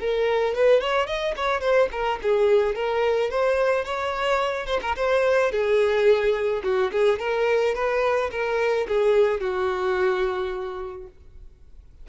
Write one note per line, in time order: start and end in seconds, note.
0.00 0.55 A#4
0.55 0.81 B4
0.81 1.07 C#5
1.07 1.34 D#5
1.36 1.61 C#5
1.61 1.89 C5
1.92 2.19 A#4
2.22 2.75 G#4
2.75 3.30 A#4
3.30 3.85 C5
3.85 4.66 C#5
4.66 4.80 C5
4.82 4.95 A#4
4.96 5.51 C5
5.51 6.62 G#4
6.63 6.91 F#4
6.92 7.19 G#4
7.19 7.75 A#4
7.75 8.30 B4
8.31 8.87 A#4
8.88 9.40 G#4
9.40 11.07 F#4